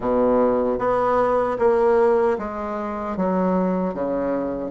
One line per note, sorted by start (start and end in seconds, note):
0.00 0.78 B2
0.78 1.57 B3
1.58 2.37 A#3
2.38 3.17 G#3
3.17 3.94 F#3
3.94 4.70 C#3